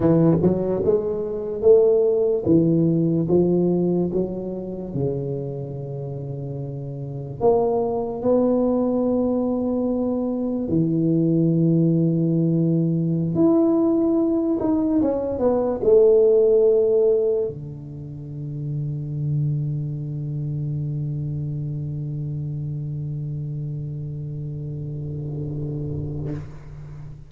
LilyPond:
\new Staff \with { instrumentName = "tuba" } { \time 4/4 \tempo 4 = 73 e8 fis8 gis4 a4 e4 | f4 fis4 cis2~ | cis4 ais4 b2~ | b4 e2.~ |
e16 e'4. dis'8 cis'8 b8 a8.~ | a4~ a16 d2~ d8.~ | d1~ | d1 | }